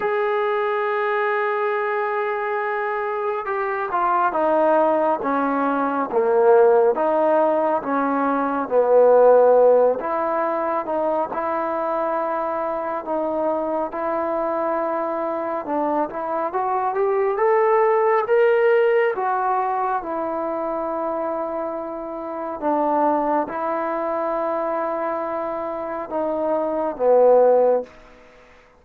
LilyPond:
\new Staff \with { instrumentName = "trombone" } { \time 4/4 \tempo 4 = 69 gis'1 | g'8 f'8 dis'4 cis'4 ais4 | dis'4 cis'4 b4. e'8~ | e'8 dis'8 e'2 dis'4 |
e'2 d'8 e'8 fis'8 g'8 | a'4 ais'4 fis'4 e'4~ | e'2 d'4 e'4~ | e'2 dis'4 b4 | }